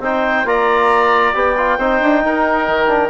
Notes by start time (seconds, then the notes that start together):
0.00 C4 D#4 C5 G5
0.44 A#3 F4 D5 A#5
1.34 B3 G4 G5
1.57 F4
1.78 C4 D#4 C5
2.01 D4
2.24 D#4 A#4
2.68 D#3
2.88 D4